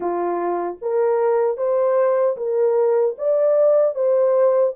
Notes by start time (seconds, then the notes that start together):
0.00 F4
0.81 A#4
1.57 C5
2.36 A#4
3.18 D5
3.94 C5